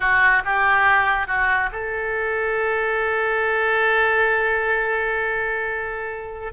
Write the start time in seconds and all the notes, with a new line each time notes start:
0.00 F#4
0.44 G4
1.27 F#4
1.72 A4